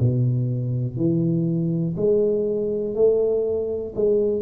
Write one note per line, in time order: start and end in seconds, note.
0.00 0.97 B2
0.97 1.96 E3
1.97 2.95 G#3
2.95 3.93 A3
3.96 4.42 G#3